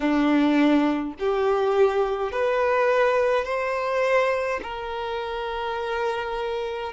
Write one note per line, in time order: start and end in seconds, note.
0.00 1.13 D4
1.19 2.31 G4
2.31 3.45 B4
3.45 4.60 C5
4.62 6.92 A#4